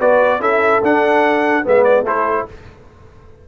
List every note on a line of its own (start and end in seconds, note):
0.00 0.40 B3
0.00 0.40 F#4
0.00 0.40 B4
0.00 0.42 D5
0.40 0.81 C#4
0.40 0.81 E4
0.40 1.64 A4
0.40 0.83 E5
0.82 1.64 D4
0.82 1.66 F#5
1.64 2.02 G#3
1.64 2.05 B3
1.64 2.04 B4
1.64 1.83 E5
1.83 2.04 D5
2.02 2.43 A3
2.02 2.48 E4
2.02 2.45 A4
2.02 2.48 C5